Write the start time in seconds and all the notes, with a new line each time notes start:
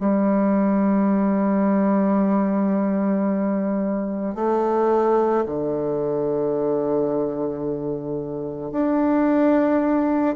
0.00 G3
4.35 A3
5.45 D3
8.72 D4